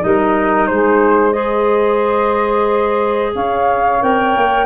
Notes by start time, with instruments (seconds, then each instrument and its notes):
0.00 tuba G3, clarinet D#4, saxophone A#4, flute D#5
0.66 tuba G#3, saxophone G#4, flute C5
1.32 clarinet G#4, saxophone C5, flute D#5
3.34 tuba C#4, saxophone C#5, flute F5
4.00 tuba C4, clarinet A#4, flute G5
4.36 tuba A#3